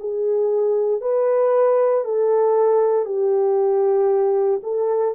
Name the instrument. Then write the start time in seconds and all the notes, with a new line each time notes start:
horn
0.00 G#4
1.01 B4
2.05 A4
3.05 G4
4.63 A4